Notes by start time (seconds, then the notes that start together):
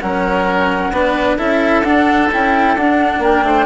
0.00 F#3 C#4 A#4 F#5
0.91 B3 D4 B4
1.37 C#4 E4 A4 E5
1.84 D4 F#5
2.32 C#4 E4 G5
2.76 D4 F#5
3.19 A#3 A#4 G5
3.43 A3 C5